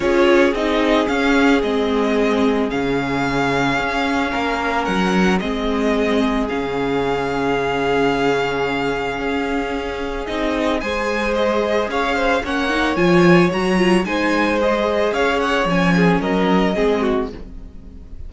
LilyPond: <<
  \new Staff \with { instrumentName = "violin" } { \time 4/4 \tempo 4 = 111 cis''4 dis''4 f''4 dis''4~ | dis''4 f''2.~ | f''4 fis''4 dis''2 | f''1~ |
f''2. dis''4 | gis''4 dis''4 f''4 fis''4 | gis''4 ais''4 gis''4 dis''4 | f''8 fis''8 gis''4 dis''2 | }
  \new Staff \with { instrumentName = "violin" } { \time 4/4 gis'1~ | gis'1 | ais'2 gis'2~ | gis'1~ |
gis'1 | c''2 cis''8 c''8 cis''4~ | cis''2 c''2 | cis''4. gis'8 ais'4 gis'8 fis'8 | }
  \new Staff \with { instrumentName = "viola" } { \time 4/4 f'4 dis'4 cis'4 c'4~ | c'4 cis'2.~ | cis'2 c'2 | cis'1~ |
cis'2. dis'4 | gis'2. cis'8 dis'8 | f'4 fis'8 f'8 dis'4 gis'4~ | gis'4 cis'2 c'4 | }
  \new Staff \with { instrumentName = "cello" } { \time 4/4 cis'4 c'4 cis'4 gis4~ | gis4 cis2 cis'4 | ais4 fis4 gis2 | cis1~ |
cis4 cis'2 c'4 | gis2 cis'4 ais4 | f4 fis4 gis2 | cis'4 f4 fis4 gis4 | }
>>